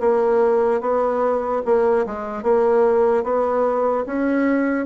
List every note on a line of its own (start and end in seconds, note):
0.00 0.81 A#3
0.81 1.62 B3
1.65 2.06 A#3
2.06 2.43 G#3
2.43 3.23 A#3
3.23 4.04 B3
4.06 4.86 C#4